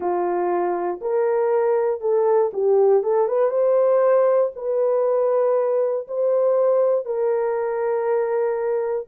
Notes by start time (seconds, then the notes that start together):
0.00 F4
1.01 A#4
2.01 A4
2.53 G4
3.03 A4
3.28 B4
3.50 C5
4.55 B4
6.07 C5
7.05 A#4